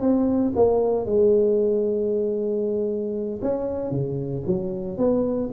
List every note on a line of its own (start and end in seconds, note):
0.00 0.52 C4
0.55 1.05 A#3
1.05 3.40 G#3
3.42 3.91 C#4
3.91 4.43 C#3
4.46 4.97 F#3
4.97 5.49 B3